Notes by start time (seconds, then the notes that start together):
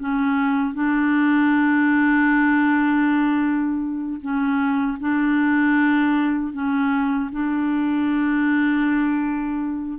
0.00 C#4
0.74 D4
4.21 C#4
5.00 D4
6.53 C#4
7.32 D4